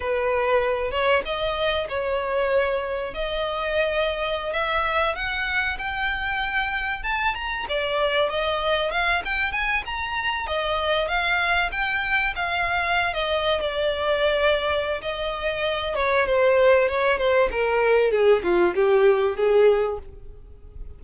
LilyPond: \new Staff \with { instrumentName = "violin" } { \time 4/4 \tempo 4 = 96 b'4. cis''8 dis''4 cis''4~ | cis''4 dis''2~ dis''16 e''8.~ | e''16 fis''4 g''2 a''8 ais''16~ | ais''16 d''4 dis''4 f''8 g''8 gis''8 ais''16~ |
ais''8. dis''4 f''4 g''4 f''16~ | f''4 dis''8. d''2~ d''16 | dis''4. cis''8 c''4 cis''8 c''8 | ais'4 gis'8 f'8 g'4 gis'4 | }